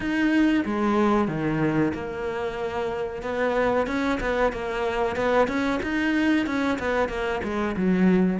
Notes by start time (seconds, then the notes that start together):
0.00 D#4
0.65 G#3
1.28 D#3
1.94 A#3
3.22 B3
3.87 C#4
4.20 B3
4.52 A#3
5.16 B3
5.47 C#4
5.82 D#4
6.46 C#4
6.79 B3
7.09 A#3
7.43 G#3
7.76 F#3